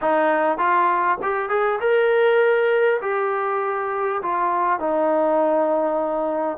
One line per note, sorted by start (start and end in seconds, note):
0.01 0.58 D#4
0.58 1.18 F4
1.22 1.49 G4
1.49 1.79 G#4
1.80 3.00 A#4
3.01 4.21 G4
4.22 4.79 F4
4.79 6.57 D#4